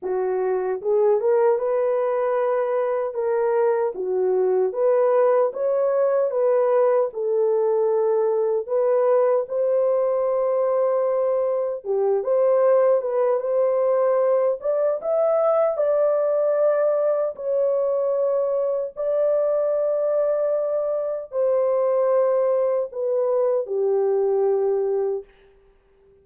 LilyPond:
\new Staff \with { instrumentName = "horn" } { \time 4/4 \tempo 4 = 76 fis'4 gis'8 ais'8 b'2 | ais'4 fis'4 b'4 cis''4 | b'4 a'2 b'4 | c''2. g'8 c''8~ |
c''8 b'8 c''4. d''8 e''4 | d''2 cis''2 | d''2. c''4~ | c''4 b'4 g'2 | }